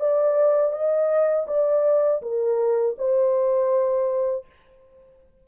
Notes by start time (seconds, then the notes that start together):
0.00 D5
0.72 D#5
1.47 D5
2.22 A#4
2.98 C5